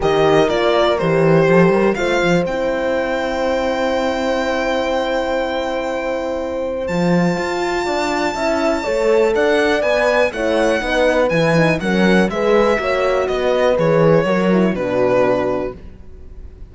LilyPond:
<<
  \new Staff \with { instrumentName = "violin" } { \time 4/4 \tempo 4 = 122 dis''4 d''4 c''2 | f''4 g''2.~ | g''1~ | g''2 a''2~ |
a''2. fis''4 | gis''4 fis''2 gis''4 | fis''4 e''2 dis''4 | cis''2 b'2 | }
  \new Staff \with { instrumentName = "horn" } { \time 4/4 ais'2. a'8 ais'8 | c''1~ | c''1~ | c''1 |
d''4 e''4 cis''4 d''4~ | d''4 cis''4 b'2 | ais'4 b'4 cis''4 b'4~ | b'4 ais'4 fis'2 | }
  \new Staff \with { instrumentName = "horn" } { \time 4/4 g'4 f'4 g'2 | f'4 e'2.~ | e'1~ | e'2 f'2~ |
f'4 e'4 a'2 | b'4 e'4 dis'4 e'8 dis'8 | cis'4 gis'4 fis'2 | gis'4 fis'8 e'8 d'2 | }
  \new Staff \with { instrumentName = "cello" } { \time 4/4 dis4 ais4 e4 f8 g8 | a8 f8 c'2.~ | c'1~ | c'2 f4 f'4 |
d'4 cis'4 a4 d'4 | b4 a4 b4 e4 | fis4 gis4 ais4 b4 | e4 fis4 b,2 | }
>>